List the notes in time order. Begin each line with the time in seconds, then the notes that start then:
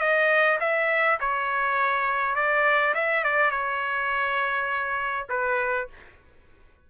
0.00 D#5
0.60 E5
1.20 C#5
2.36 D5
2.95 E5
3.24 D5
3.51 C#5
5.29 B4